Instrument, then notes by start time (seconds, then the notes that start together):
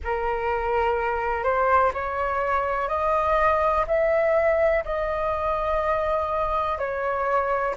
flute
0.04 A#4
1.43 C5
1.93 C#5
2.88 D#5
3.87 E5
4.84 D#5
6.78 C#5